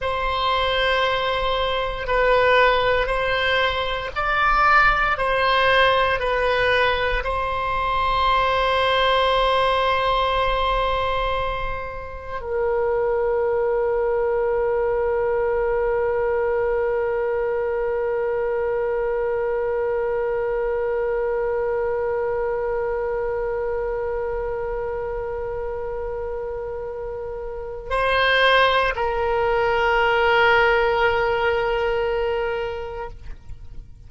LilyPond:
\new Staff \with { instrumentName = "oboe" } { \time 4/4 \tempo 4 = 58 c''2 b'4 c''4 | d''4 c''4 b'4 c''4~ | c''1 | ais'1~ |
ais'1~ | ais'1~ | ais'2. c''4 | ais'1 | }